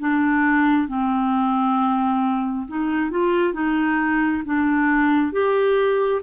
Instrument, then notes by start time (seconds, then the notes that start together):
clarinet
0.00 D4
0.88 C4
2.68 D#4
3.11 F4
3.54 D#4
4.45 D4
5.32 G4